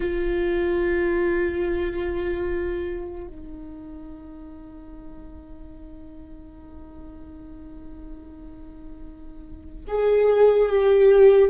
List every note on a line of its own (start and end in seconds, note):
0.00 3.27 F4
3.27 9.85 D#4
9.87 10.68 G#4
10.68 11.50 G4